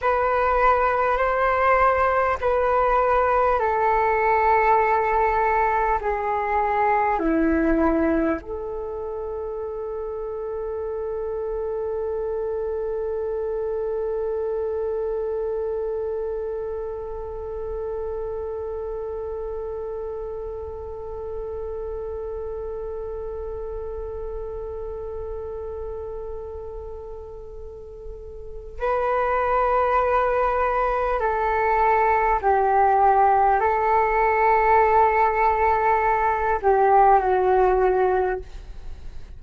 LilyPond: \new Staff \with { instrumentName = "flute" } { \time 4/4 \tempo 4 = 50 b'4 c''4 b'4 a'4~ | a'4 gis'4 e'4 a'4~ | a'1~ | a'1~ |
a'1~ | a'1 | b'2 a'4 g'4 | a'2~ a'8 g'8 fis'4 | }